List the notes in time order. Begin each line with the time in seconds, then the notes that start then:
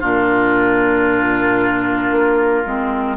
0.00 A#2 D4 F4 A#4
2.11 A#3
2.65 G#3 C4